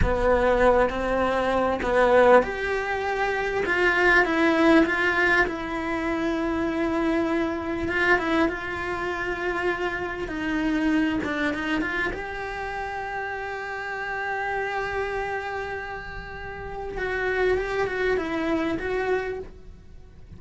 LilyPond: \new Staff \with { instrumentName = "cello" } { \time 4/4 \tempo 4 = 99 b4. c'4. b4 | g'2 f'4 e'4 | f'4 e'2.~ | e'4 f'8 e'8 f'2~ |
f'4 dis'4. d'8 dis'8 f'8 | g'1~ | g'1 | fis'4 g'8 fis'8 e'4 fis'4 | }